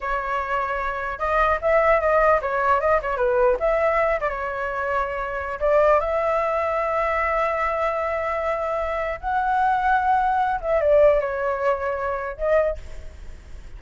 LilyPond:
\new Staff \with { instrumentName = "flute" } { \time 4/4 \tempo 4 = 150 cis''2. dis''4 | e''4 dis''4 cis''4 dis''8 cis''8 | b'4 e''4. d''16 cis''4~ cis''16~ | cis''2 d''4 e''4~ |
e''1~ | e''2. fis''4~ | fis''2~ fis''8 e''8 d''4 | cis''2. dis''4 | }